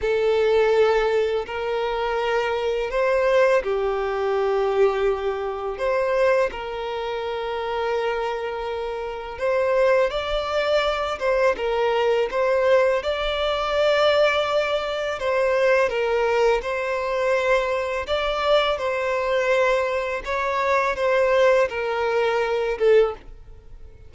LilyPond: \new Staff \with { instrumentName = "violin" } { \time 4/4 \tempo 4 = 83 a'2 ais'2 | c''4 g'2. | c''4 ais'2.~ | ais'4 c''4 d''4. c''8 |
ais'4 c''4 d''2~ | d''4 c''4 ais'4 c''4~ | c''4 d''4 c''2 | cis''4 c''4 ais'4. a'8 | }